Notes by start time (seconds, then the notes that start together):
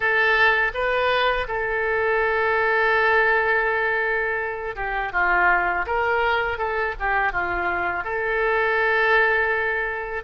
0.00 A4
0.74 B4
1.47 A4
4.75 G4
5.12 F4
5.86 A#4
6.58 A4
6.99 G4
7.32 F4
8.04 A4